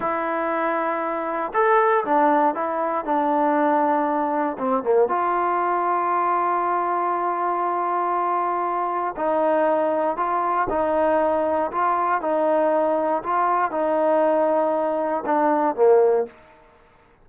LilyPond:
\new Staff \with { instrumentName = "trombone" } { \time 4/4 \tempo 4 = 118 e'2. a'4 | d'4 e'4 d'2~ | d'4 c'8 ais8 f'2~ | f'1~ |
f'2 dis'2 | f'4 dis'2 f'4 | dis'2 f'4 dis'4~ | dis'2 d'4 ais4 | }